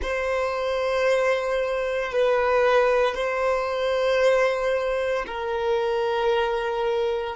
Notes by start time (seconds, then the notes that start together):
0.01 C5
2.12 B4
3.14 C5
5.26 A#4